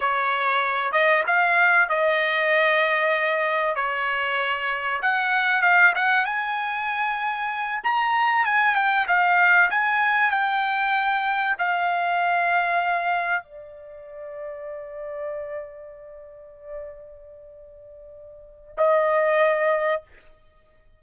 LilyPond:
\new Staff \with { instrumentName = "trumpet" } { \time 4/4 \tempo 4 = 96 cis''4. dis''8 f''4 dis''4~ | dis''2 cis''2 | fis''4 f''8 fis''8 gis''2~ | gis''8 ais''4 gis''8 g''8 f''4 gis''8~ |
gis''8 g''2 f''4.~ | f''4. d''2~ d''8~ | d''1~ | d''2 dis''2 | }